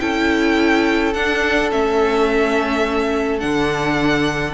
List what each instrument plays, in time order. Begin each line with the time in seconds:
0.00 cello C#4, viola E4, violin A4 G5
1.14 viola D4, cello D4, violin F#5
1.71 cello A3, viola C#4, violin E5
3.40 cello D3, viola D4, violin F#5